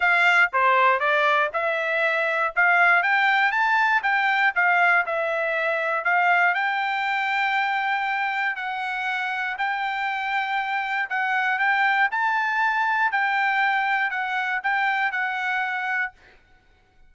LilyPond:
\new Staff \with { instrumentName = "trumpet" } { \time 4/4 \tempo 4 = 119 f''4 c''4 d''4 e''4~ | e''4 f''4 g''4 a''4 | g''4 f''4 e''2 | f''4 g''2.~ |
g''4 fis''2 g''4~ | g''2 fis''4 g''4 | a''2 g''2 | fis''4 g''4 fis''2 | }